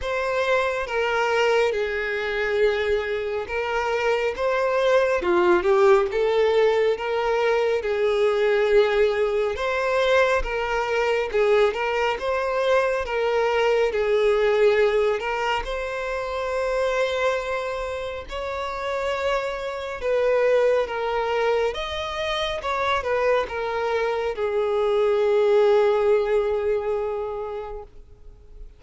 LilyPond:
\new Staff \with { instrumentName = "violin" } { \time 4/4 \tempo 4 = 69 c''4 ais'4 gis'2 | ais'4 c''4 f'8 g'8 a'4 | ais'4 gis'2 c''4 | ais'4 gis'8 ais'8 c''4 ais'4 |
gis'4. ais'8 c''2~ | c''4 cis''2 b'4 | ais'4 dis''4 cis''8 b'8 ais'4 | gis'1 | }